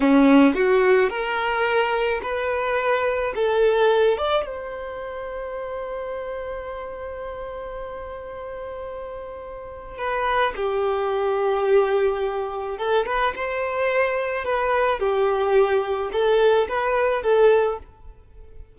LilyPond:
\new Staff \with { instrumentName = "violin" } { \time 4/4 \tempo 4 = 108 cis'4 fis'4 ais'2 | b'2 a'4. d''8 | c''1~ | c''1~ |
c''2 b'4 g'4~ | g'2. a'8 b'8 | c''2 b'4 g'4~ | g'4 a'4 b'4 a'4 | }